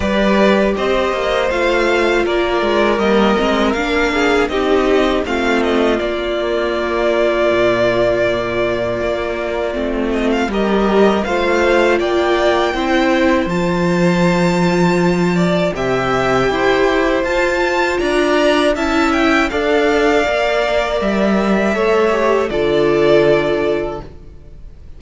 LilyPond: <<
  \new Staff \with { instrumentName = "violin" } { \time 4/4 \tempo 4 = 80 d''4 dis''4 f''4 d''4 | dis''4 f''4 dis''4 f''8 dis''8 | d''1~ | d''4. dis''16 f''16 dis''4 f''4 |
g''2 a''2~ | a''4 g''2 a''4 | ais''4 a''8 g''8 f''2 | e''2 d''2 | }
  \new Staff \with { instrumentName = "violin" } { \time 4/4 b'4 c''2 ais'4~ | ais'4. gis'8 g'4 f'4~ | f'1~ | f'2 ais'4 c''4 |
d''4 c''2.~ | c''8 d''8 e''4 c''2 | d''4 e''4 d''2~ | d''4 cis''4 a'2 | }
  \new Staff \with { instrumentName = "viola" } { \time 4/4 g'2 f'2 | ais8 c'8 d'4 dis'4 c'4 | ais1~ | ais4 c'4 g'4 f'4~ |
f'4 e'4 f'2~ | f'4 g'2 f'4~ | f'4 e'4 a'4 ais'4~ | ais'4 a'8 g'8 f'2 | }
  \new Staff \with { instrumentName = "cello" } { \time 4/4 g4 c'8 ais8 a4 ais8 gis8 | g8 gis8 ais4 c'4 a4 | ais2 ais,2 | ais4 a4 g4 a4 |
ais4 c'4 f2~ | f4 c4 e'4 f'4 | d'4 cis'4 d'4 ais4 | g4 a4 d2 | }
>>